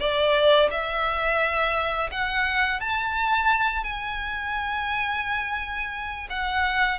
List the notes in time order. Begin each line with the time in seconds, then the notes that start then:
0.00 D5
0.71 E5
2.12 F#5
2.81 A5
3.84 G#5
6.30 F#5